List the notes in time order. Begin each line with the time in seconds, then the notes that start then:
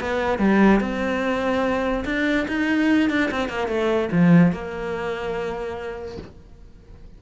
0.00 B3
0.39 G3
0.80 C4
2.05 D4
2.48 D#4
3.09 D4
3.31 C4
3.49 A#3
3.68 A3
4.12 F3
4.52 A#3